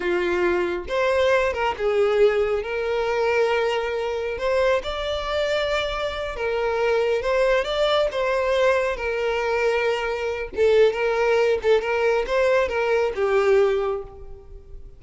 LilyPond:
\new Staff \with { instrumentName = "violin" } { \time 4/4 \tempo 4 = 137 f'2 c''4. ais'8 | gis'2 ais'2~ | ais'2 c''4 d''4~ | d''2~ d''8 ais'4.~ |
ais'8 c''4 d''4 c''4.~ | c''8 ais'2.~ ais'8 | a'4 ais'4. a'8 ais'4 | c''4 ais'4 g'2 | }